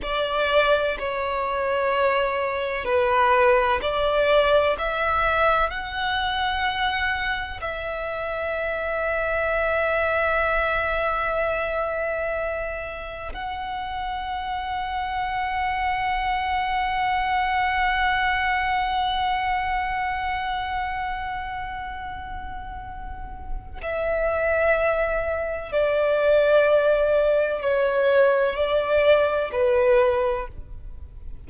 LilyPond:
\new Staff \with { instrumentName = "violin" } { \time 4/4 \tempo 4 = 63 d''4 cis''2 b'4 | d''4 e''4 fis''2 | e''1~ | e''2 fis''2~ |
fis''1~ | fis''1~ | fis''4 e''2 d''4~ | d''4 cis''4 d''4 b'4 | }